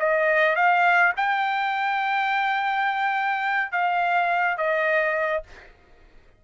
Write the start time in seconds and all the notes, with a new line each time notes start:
0.00 D#5
0.56 F5
1.17 G5
3.72 F5
4.58 D#5